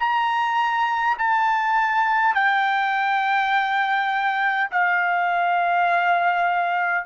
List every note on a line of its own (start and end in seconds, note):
0.00 1.18 A#5
1.18 2.35 A5
2.35 4.70 G5
4.71 7.06 F5